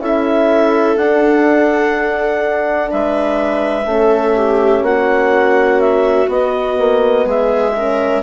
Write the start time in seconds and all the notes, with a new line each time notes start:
0.00 C#4 E4 A4 E5
0.97 D4 F#5
2.91 G#3 B4 E5
3.85 A3 C#4 A4
4.36 G4
4.82 A#3 F#4 F#5
5.81 E5
6.28 B3 D#5
6.78 A#3
7.26 G#3 G#4 E5
7.75 C#4 A#4